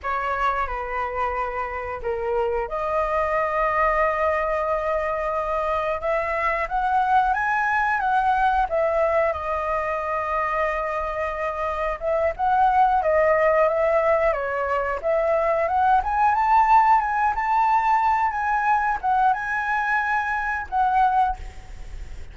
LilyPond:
\new Staff \with { instrumentName = "flute" } { \time 4/4 \tempo 4 = 90 cis''4 b'2 ais'4 | dis''1~ | dis''4 e''4 fis''4 gis''4 | fis''4 e''4 dis''2~ |
dis''2 e''8 fis''4 dis''8~ | dis''8 e''4 cis''4 e''4 fis''8 | gis''8 a''4 gis''8 a''4. gis''8~ | gis''8 fis''8 gis''2 fis''4 | }